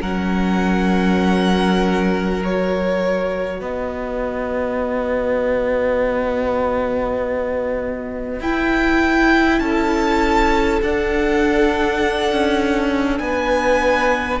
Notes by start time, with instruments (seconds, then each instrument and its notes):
0.00 cello F#3, viola C#4, violin A#4 F#5
2.41 viola F#4, violin C#5
3.58 cello B3, violin B4 D#5
8.40 cello E4, viola E4, violin G5
9.59 cello C#4, violin A4 A5
10.81 cello D4, viola D4, violin F#5
12.31 cello C#4
13.18 cello B3, violin B4 G#5